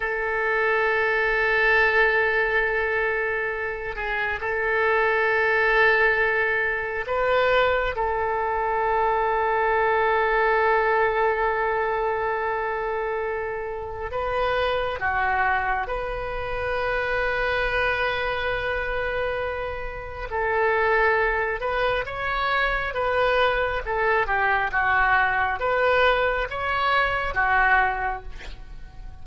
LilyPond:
\new Staff \with { instrumentName = "oboe" } { \time 4/4 \tempo 4 = 68 a'1~ | a'8 gis'8 a'2. | b'4 a'2.~ | a'1 |
b'4 fis'4 b'2~ | b'2. a'4~ | a'8 b'8 cis''4 b'4 a'8 g'8 | fis'4 b'4 cis''4 fis'4 | }